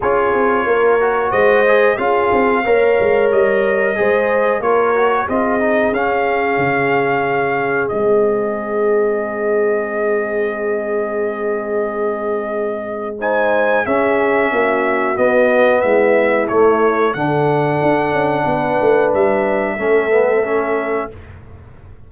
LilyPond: <<
  \new Staff \with { instrumentName = "trumpet" } { \time 4/4 \tempo 4 = 91 cis''2 dis''4 f''4~ | f''4 dis''2 cis''4 | dis''4 f''2. | dis''1~ |
dis''1 | gis''4 e''2 dis''4 | e''4 cis''4 fis''2~ | fis''4 e''2. | }
  \new Staff \with { instrumentName = "horn" } { \time 4/4 gis'4 ais'4 c''4 gis'4 | cis''2 c''4 ais'4 | gis'1~ | gis'1~ |
gis'1 | c''4 gis'4 fis'2 | e'2 a'2 | b'2 a'2 | }
  \new Staff \with { instrumentName = "trombone" } { \time 4/4 f'4. fis'4 gis'8 f'4 | ais'2 gis'4 f'8 fis'8 | f'8 dis'8 cis'2. | c'1~ |
c'1 | dis'4 cis'2 b4~ | b4 a4 d'2~ | d'2 cis'8 b8 cis'4 | }
  \new Staff \with { instrumentName = "tuba" } { \time 4/4 cis'8 c'8 ais4 gis4 cis'8 c'8 | ais8 gis8 g4 gis4 ais4 | c'4 cis'4 cis2 | gis1~ |
gis1~ | gis4 cis'4 ais4 b4 | gis4 a4 d4 d'8 cis'8 | b8 a8 g4 a2 | }
>>